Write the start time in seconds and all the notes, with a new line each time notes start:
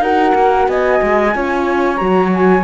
0.00 D#4 F#4 A#4 F#5
0.35 A#3
0.68 B3 D#5 G#5
1.02 G#3
1.34 C#4 F4 C#5
1.96 F#3 F#4 A#5
2.34 G#5